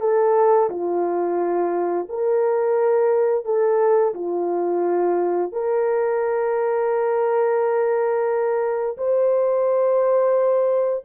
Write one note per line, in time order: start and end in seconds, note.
0.00 0.69 A4
0.70 2.08 F4
2.09 3.45 A#4
3.45 4.13 A4
4.14 5.52 F4
5.52 8.97 A#4
8.97 11.04 C5